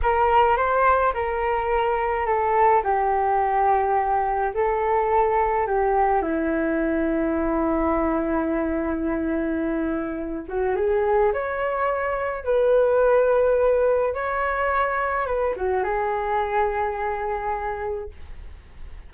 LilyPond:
\new Staff \with { instrumentName = "flute" } { \time 4/4 \tempo 4 = 106 ais'4 c''4 ais'2 | a'4 g'2. | a'2 g'4 e'4~ | e'1~ |
e'2~ e'8 fis'8 gis'4 | cis''2 b'2~ | b'4 cis''2 b'8 fis'8 | gis'1 | }